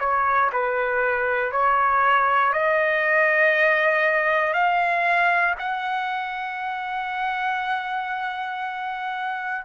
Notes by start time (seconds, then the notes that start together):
0.00 C#5
0.53 B4
1.52 C#5
2.53 D#5
4.54 F5
5.59 F#5